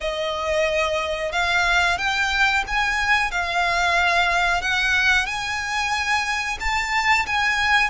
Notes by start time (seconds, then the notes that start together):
0.00 D#5
1.32 F5
1.98 G5
2.67 G#5
3.31 F5
4.61 F#5
5.26 G#5
6.59 A5
7.26 G#5